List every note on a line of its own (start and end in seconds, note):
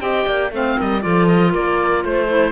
0.00 0.26 C4
0.00 0.50 G4
0.00 0.28 D#5
0.00 0.51 G5
0.26 0.51 A#3
0.26 0.53 D5
0.51 0.76 A3
0.51 1.01 C4
0.51 0.78 C5
0.51 0.80 F5
0.78 1.04 G3
0.78 1.03 A#4
0.78 1.02 D#5
1.01 1.54 F3
1.01 2.27 F4
1.01 1.51 A4
1.01 1.27 D5
1.27 1.52 D#5
1.51 2.04 A#3
1.51 2.02 A#4
1.51 2.04 D5
2.04 2.52 A3
2.04 2.52 C5
2.28 2.52 E4